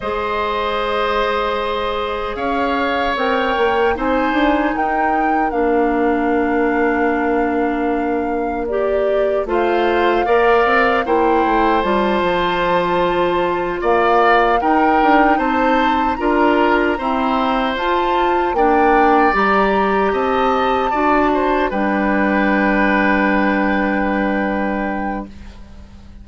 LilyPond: <<
  \new Staff \with { instrumentName = "flute" } { \time 4/4 \tempo 4 = 76 dis''2. f''4 | g''4 gis''4 g''4 f''4~ | f''2. d''4 | f''2 g''4 a''4~ |
a''4. f''4 g''4 a''8~ | a''8 ais''2 a''4 g''8~ | g''8 ais''4 a''2 g''8~ | g''1 | }
  \new Staff \with { instrumentName = "oboe" } { \time 4/4 c''2. cis''4~ | cis''4 c''4 ais'2~ | ais'1 | c''4 d''4 c''2~ |
c''4. d''4 ais'4 c''8~ | c''8 ais'4 c''2 d''8~ | d''4. dis''4 d''8 c''8 b'8~ | b'1 | }
  \new Staff \with { instrumentName = "clarinet" } { \time 4/4 gis'1 | ais'4 dis'2 d'4~ | d'2. g'4 | f'4 ais'4 e'4 f'4~ |
f'2~ f'8 dis'4.~ | dis'8 f'4 c'4 f'4 d'8~ | d'8 g'2 fis'4 d'8~ | d'1 | }
  \new Staff \with { instrumentName = "bassoon" } { \time 4/4 gis2. cis'4 | c'8 ais8 c'8 d'8 dis'4 ais4~ | ais1 | a4 ais8 c'8 ais8 a8 g8 f8~ |
f4. ais4 dis'8 d'8 c'8~ | c'8 d'4 e'4 f'4 ais8~ | ais8 g4 c'4 d'4 g8~ | g1 | }
>>